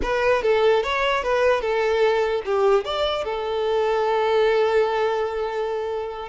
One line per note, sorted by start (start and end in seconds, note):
0.02 0.42 B4
0.42 0.83 A4
0.83 1.23 C#5
1.23 1.61 B4
1.61 2.42 A4
2.45 2.84 G4
2.84 3.24 D5
3.24 6.28 A4